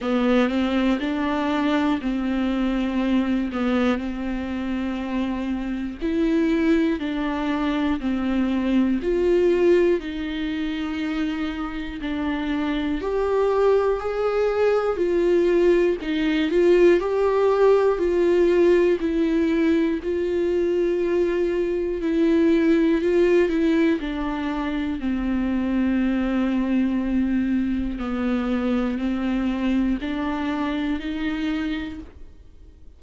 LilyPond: \new Staff \with { instrumentName = "viola" } { \time 4/4 \tempo 4 = 60 b8 c'8 d'4 c'4. b8 | c'2 e'4 d'4 | c'4 f'4 dis'2 | d'4 g'4 gis'4 f'4 |
dis'8 f'8 g'4 f'4 e'4 | f'2 e'4 f'8 e'8 | d'4 c'2. | b4 c'4 d'4 dis'4 | }